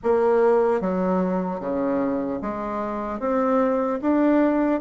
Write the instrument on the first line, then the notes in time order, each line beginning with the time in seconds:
bassoon
0.03 A#3
0.80 F#3
1.60 C#3
2.41 G#3
3.19 C4
4.01 D4